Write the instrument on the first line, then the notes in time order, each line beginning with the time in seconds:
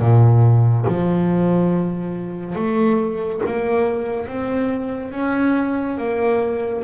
double bass
0.00 A#2
0.88 F3
2.56 A3
3.46 A#3
4.27 C4
5.12 C#4
5.98 A#3